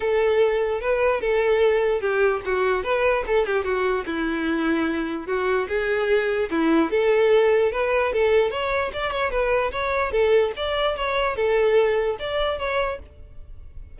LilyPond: \new Staff \with { instrumentName = "violin" } { \time 4/4 \tempo 4 = 148 a'2 b'4 a'4~ | a'4 g'4 fis'4 b'4 | a'8 g'8 fis'4 e'2~ | e'4 fis'4 gis'2 |
e'4 a'2 b'4 | a'4 cis''4 d''8 cis''8 b'4 | cis''4 a'4 d''4 cis''4 | a'2 d''4 cis''4 | }